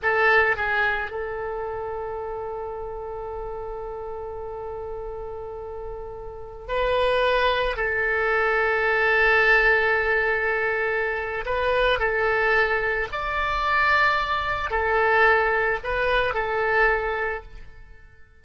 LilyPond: \new Staff \with { instrumentName = "oboe" } { \time 4/4 \tempo 4 = 110 a'4 gis'4 a'2~ | a'1~ | a'1~ | a'16 b'2 a'4.~ a'16~ |
a'1~ | a'4 b'4 a'2 | d''2. a'4~ | a'4 b'4 a'2 | }